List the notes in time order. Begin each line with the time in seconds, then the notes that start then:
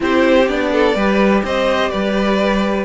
0.00 C4 E4 G4 C5
0.48 B3 D4 D5
0.72 A4
0.95 G3 G4 B4
1.44 C4 C5 D#5
1.90 G3 B4 D5